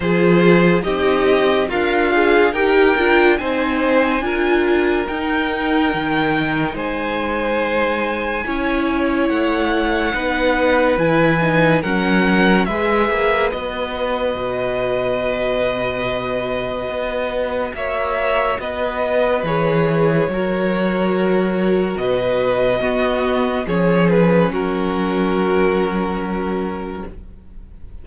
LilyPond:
<<
  \new Staff \with { instrumentName = "violin" } { \time 4/4 \tempo 4 = 71 c''4 dis''4 f''4 g''4 | gis''2 g''2 | gis''2. fis''4~ | fis''4 gis''4 fis''4 e''4 |
dis''1~ | dis''4 e''4 dis''4 cis''4~ | cis''2 dis''2 | cis''8 b'8 ais'2. | }
  \new Staff \with { instrumentName = "violin" } { \time 4/4 gis'4 g'4 f'4 ais'4 | c''4 ais'2. | c''2 cis''2 | b'2 ais'4 b'4~ |
b'1~ | b'4 cis''4 b'2 | ais'2 b'4 fis'4 | gis'4 fis'2. | }
  \new Staff \with { instrumentName = "viola" } { \time 4/4 f'4 dis'4 ais'8 gis'8 g'8 f'8 | dis'4 f'4 dis'2~ | dis'2 e'2 | dis'4 e'8 dis'8 cis'4 gis'4 |
fis'1~ | fis'2. gis'4 | fis'2. b4 | cis'1 | }
  \new Staff \with { instrumentName = "cello" } { \time 4/4 f4 c'4 d'4 dis'8 d'8 | c'4 d'4 dis'4 dis4 | gis2 cis'4 a4 | b4 e4 fis4 gis8 ais8 |
b4 b,2. | b4 ais4 b4 e4 | fis2 b,4 b4 | f4 fis2. | }
>>